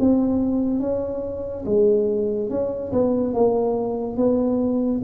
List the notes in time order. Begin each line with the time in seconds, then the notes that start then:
0.00 C4
0.80 C#4
1.66 G#3
2.50 C#4
2.92 B3
3.34 A#3
4.17 B3